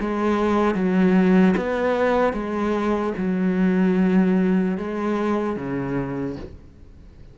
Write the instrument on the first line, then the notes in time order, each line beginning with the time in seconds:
cello
0.00 G#3
0.75 F#3
1.57 B3
2.33 G#3
3.18 F#3
4.78 G#3
5.56 C#3